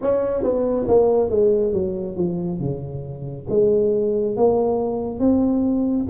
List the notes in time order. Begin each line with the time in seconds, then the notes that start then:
0.01 C#4
0.43 B3
0.87 A#3
1.30 G#3
1.72 F#3
2.16 F3
2.59 C#3
3.49 G#3
4.36 A#3
5.19 C4